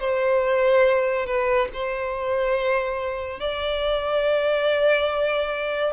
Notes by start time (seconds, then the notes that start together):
0.00 C5
1.26 B4
1.74 C5
3.40 D5